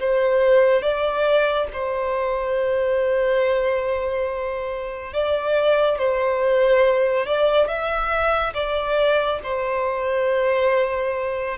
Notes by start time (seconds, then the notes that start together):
0.00 C5
0.82 D5
1.73 C5
5.14 D5
5.98 C5
7.26 D5
7.68 E5
8.54 D5
9.43 C5